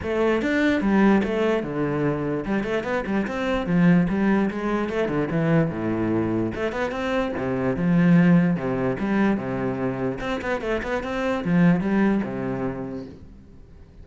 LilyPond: \new Staff \with { instrumentName = "cello" } { \time 4/4 \tempo 4 = 147 a4 d'4 g4 a4 | d2 g8 a8 b8 g8 | c'4 f4 g4 gis4 | a8 d8 e4 a,2 |
a8 b8 c'4 c4 f4~ | f4 c4 g4 c4~ | c4 c'8 b8 a8 b8 c'4 | f4 g4 c2 | }